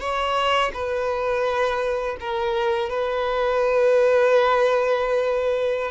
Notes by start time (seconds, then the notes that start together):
0.00 C#5
0.74 B4
2.20 A#4
2.89 B4